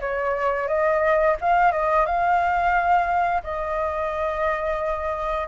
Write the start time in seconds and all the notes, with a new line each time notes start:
0.00 C#5
0.68 D#5
1.40 F5
1.72 D#5
2.05 F5
3.43 D#5